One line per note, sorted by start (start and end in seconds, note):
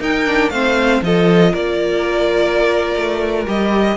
0.00 0.50 D#4
0.00 0.26 D#4
0.00 0.52 A#4
0.00 0.50 G5
0.26 0.52 D4
0.50 1.01 A3
0.50 1.03 C4
0.50 1.04 C5
0.50 1.01 F5
1.02 1.53 F3
1.02 3.46 F4
1.02 1.52 A4
1.02 1.54 D#5
1.52 2.95 A#3
1.52 3.96 A#4
1.52 3.47 D5
2.96 3.47 A3
3.46 3.97 G3
3.46 3.97 G4
3.46 3.97 D#5